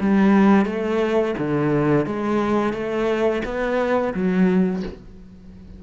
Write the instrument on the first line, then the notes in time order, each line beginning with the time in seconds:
cello
0.00 G3
0.66 A3
1.38 D3
2.06 G#3
2.73 A3
3.45 B3
4.14 F#3